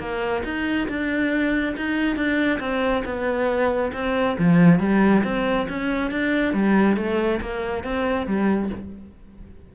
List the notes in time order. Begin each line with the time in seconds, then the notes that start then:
0.00 A#3
0.45 D#4
0.89 D4
1.77 D#4
2.17 D4
2.60 C4
3.06 B3
3.94 C4
4.39 F3
4.80 G3
5.25 C4
5.69 C#4
6.11 D4
6.54 G3
6.97 A3
7.42 A#3
7.84 C4
8.27 G3